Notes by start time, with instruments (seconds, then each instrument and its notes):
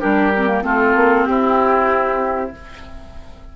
0.00 bassoon G3, clarinet D4, oboe G4, flute A#4
0.37 clarinet C4
0.47 clarinet A#3
0.62 bassoon A3, clarinet C4, oboe F4, flute A4
0.95 bassoon A#3
1.25 bassoon C4, oboe E4, flute G4